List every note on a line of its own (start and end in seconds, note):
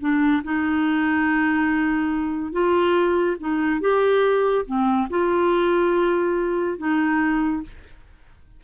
0.00 0.42 D4
0.44 2.52 D#4
2.52 3.37 F4
3.40 3.80 D#4
3.80 4.65 G4
4.66 5.08 C4
5.10 6.78 F4
6.78 7.62 D#4